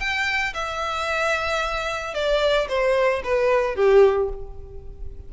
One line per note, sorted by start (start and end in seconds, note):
0.00 0.54 G5
0.54 2.15 E5
2.15 2.68 D5
2.69 3.23 C5
3.24 3.76 B4
3.76 4.29 G4